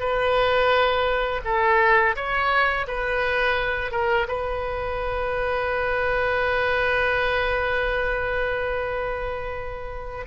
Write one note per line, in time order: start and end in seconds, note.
0.00 1.41 B4
1.45 2.15 A4
2.16 2.86 C#5
2.87 3.91 B4
3.91 4.27 A#4
4.28 10.26 B4